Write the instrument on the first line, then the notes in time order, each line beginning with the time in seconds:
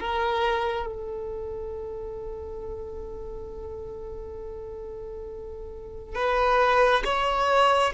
violin
0.00 A#4
0.87 A4
6.15 B4
7.05 C#5